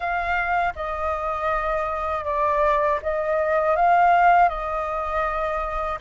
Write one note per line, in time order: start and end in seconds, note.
0.00 0.73 F5
0.75 2.24 D#5
2.24 2.99 D5
3.02 3.76 D#5
3.76 4.49 F5
4.49 5.99 D#5